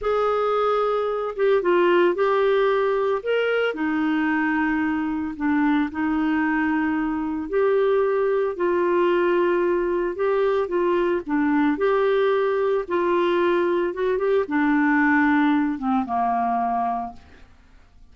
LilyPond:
\new Staff \with { instrumentName = "clarinet" } { \time 4/4 \tempo 4 = 112 gis'2~ gis'8 g'8 f'4 | g'2 ais'4 dis'4~ | dis'2 d'4 dis'4~ | dis'2 g'2 |
f'2. g'4 | f'4 d'4 g'2 | f'2 fis'8 g'8 d'4~ | d'4. c'8 ais2 | }